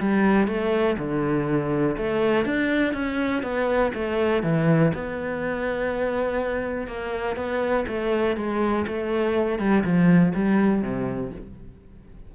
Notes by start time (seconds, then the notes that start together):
0.00 G3
0.48 A3
0.99 D3
1.98 A3
2.46 D4
2.94 C#4
3.43 B3
3.95 A3
4.44 E3
4.94 B3
6.88 A#3
7.37 B3
7.88 A3
8.37 G#3
8.88 A3
9.59 G3
9.84 F3
10.35 G3
10.83 C3